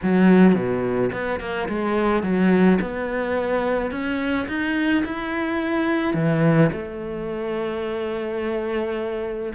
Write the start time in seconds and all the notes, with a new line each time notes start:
0.02 F#3
0.54 B2
1.12 B3
1.40 A#3
1.68 G#3
2.22 F#3
2.81 B3
3.91 C#4
4.48 D#4
5.05 E4
6.14 E3
6.72 A3